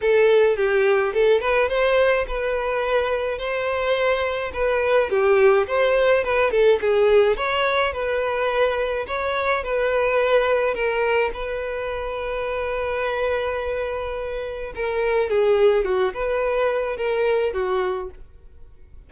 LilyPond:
\new Staff \with { instrumentName = "violin" } { \time 4/4 \tempo 4 = 106 a'4 g'4 a'8 b'8 c''4 | b'2 c''2 | b'4 g'4 c''4 b'8 a'8 | gis'4 cis''4 b'2 |
cis''4 b'2 ais'4 | b'1~ | b'2 ais'4 gis'4 | fis'8 b'4. ais'4 fis'4 | }